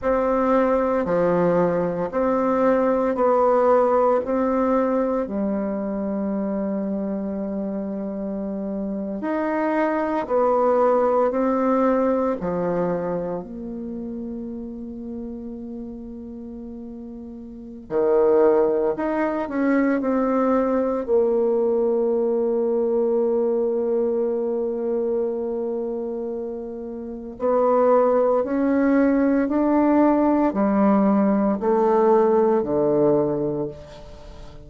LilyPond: \new Staff \with { instrumentName = "bassoon" } { \time 4/4 \tempo 4 = 57 c'4 f4 c'4 b4 | c'4 g2.~ | g8. dis'4 b4 c'4 f16~ | f8. ais2.~ ais16~ |
ais4 dis4 dis'8 cis'8 c'4 | ais1~ | ais2 b4 cis'4 | d'4 g4 a4 d4 | }